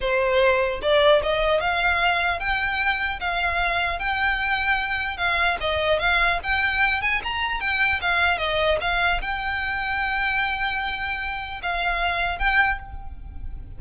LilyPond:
\new Staff \with { instrumentName = "violin" } { \time 4/4 \tempo 4 = 150 c''2 d''4 dis''4 | f''2 g''2 | f''2 g''2~ | g''4 f''4 dis''4 f''4 |
g''4. gis''8 ais''4 g''4 | f''4 dis''4 f''4 g''4~ | g''1~ | g''4 f''2 g''4 | }